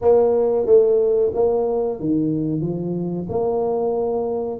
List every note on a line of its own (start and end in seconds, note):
0.01 0.66 A#3
0.66 1.32 A3
1.34 1.99 A#3
1.99 2.61 D#3
2.61 3.27 F3
3.29 4.60 A#3